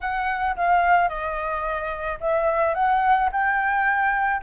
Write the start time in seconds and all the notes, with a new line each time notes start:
0.00 F#5
0.56 F5
1.09 D#5
2.20 E5
2.74 F#5
3.32 G5